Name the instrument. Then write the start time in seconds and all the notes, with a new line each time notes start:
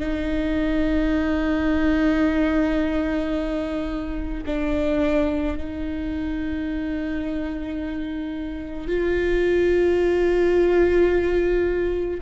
viola
0.00 D#4
4.46 D4
5.58 D#4
8.88 F4